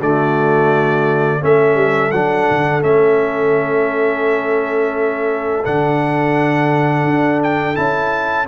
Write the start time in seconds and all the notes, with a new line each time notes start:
0.00 D3 A3 F#4 D5
1.41 A3 C#4 A4 E5
1.76 G3
2.12 F#3 D4 F#5
2.51 D3
2.82 A3 C#4 E5
5.65 D3 D4 F#5
7.04 D4
7.43 G5
7.75 C#4 E4 A5